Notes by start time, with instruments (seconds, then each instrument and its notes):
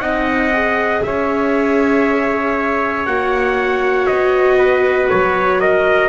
0.00 double bass C4, viola D#4, trumpet D#5 F#5
0.54 viola G#4
1.03 double bass C#4, trumpet C#5 E5
3.06 double bass A#3, viola F#4, trumpet F#5
4.07 double bass B3, trumpet D#5
4.59 trumpet B4
5.10 double bass F#3, trumpet C#5
5.61 trumpet A#4 D#5